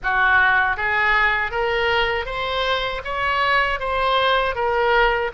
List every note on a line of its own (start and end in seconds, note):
0.02 0.76 F#4
0.76 1.51 G#4
1.51 2.25 A#4
2.25 3.01 C5
3.04 3.79 C#5
3.79 4.55 C5
4.55 5.31 A#4